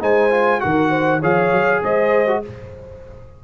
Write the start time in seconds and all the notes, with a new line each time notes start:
0.00 G#3 D#4 C5 G#5
0.30 F4
0.60 D#3 F#4 A#4 F#5
0.90 C5
1.20 F3 G#4 C#5 F5
1.52 F#3
1.83 G#3 C5 D#5
2.27 F#4